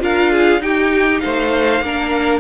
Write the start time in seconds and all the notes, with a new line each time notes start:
0.00 D4 F4 A#4 F5
0.32 G#4
0.61 D#4 G4 G5
1.20 A3 C5 F5
1.81 A#3 D4 A#4